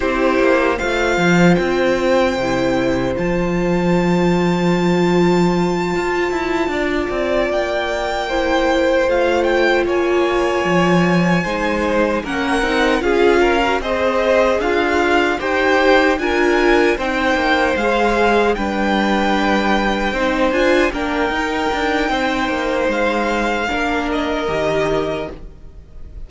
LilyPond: <<
  \new Staff \with { instrumentName = "violin" } { \time 4/4 \tempo 4 = 76 c''4 f''4 g''2 | a''1~ | a''4. g''2 f''8 | g''8 gis''2. fis''8~ |
fis''8 f''4 dis''4 f''4 g''8~ | g''8 gis''4 g''4 f''4 g''8~ | g''2 gis''8 g''4.~ | g''4 f''4. dis''4. | }
  \new Staff \with { instrumentName = "violin" } { \time 4/4 g'4 c''2.~ | c''1~ | c''8 d''2 c''4.~ | c''8 cis''2 c''4 ais'8~ |
ais'8 gis'8 ais'8 c''4 f'4 c''8~ | c''8 ais'4 c''2 b'8~ | b'4. c''4 ais'4. | c''2 ais'2 | }
  \new Staff \with { instrumentName = "viola" } { \time 4/4 e'4 f'2 e'4 | f'1~ | f'2~ f'8 e'4 f'8~ | f'2~ f'8 dis'4 cis'8 |
dis'8 f'8. fis'16 gis'2 g'8~ | g'8 f'4 dis'4 gis'4 d'8~ | d'4. dis'8 f'8 d'8 dis'4~ | dis'2 d'4 g'4 | }
  \new Staff \with { instrumentName = "cello" } { \time 4/4 c'8 ais8 a8 f8 c'4 c4 | f2.~ f8 f'8 | e'8 d'8 c'8 ais2 a8~ | a8 ais4 f4 gis4 ais8 |
c'8 cis'4 c'4 d'4 dis'8~ | dis'8 d'4 c'8 ais8 gis4 g8~ | g4. c'8 d'8 ais8 dis'8 d'8 | c'8 ais8 gis4 ais4 dis4 | }
>>